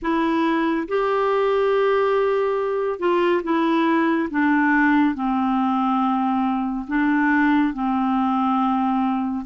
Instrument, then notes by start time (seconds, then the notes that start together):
clarinet
0.02 E4
0.88 G4
2.99 F4
3.43 E4
4.30 D4
5.14 C4
6.87 D4
7.73 C4